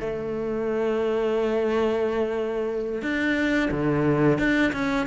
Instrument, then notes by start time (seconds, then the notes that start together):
cello
0.00 A3
3.02 D4
3.71 D3
4.39 D4
4.73 C#4